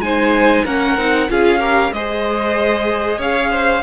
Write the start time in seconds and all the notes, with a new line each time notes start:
0.00 G#3 D#4 C5 G#5
0.65 A#3 C#4 A#4 F#5
0.97 C4 D#4
1.29 C#4 F4 G#4 F5
1.59 G4 A#4
1.92 G#3 G#4 C5 D#5
3.18 C#4 C#5 F5
3.51 C5